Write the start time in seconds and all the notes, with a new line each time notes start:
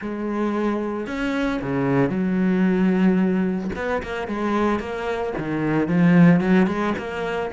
0.01 G#3
1.06 C#4
1.61 C#3
2.09 F#3
3.75 B3
4.03 A#3
4.27 G#3
4.79 A#3
5.37 D#3
5.88 F3
6.40 F#3
6.66 G#3
6.98 A#3